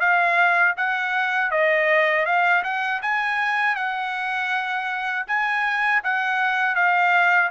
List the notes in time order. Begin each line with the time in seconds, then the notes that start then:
0.00 F5
0.77 F#5
1.51 D#5
2.26 F5
2.64 F#5
3.02 G#5
3.76 F#5
5.27 G#5
6.04 F#5
6.76 F5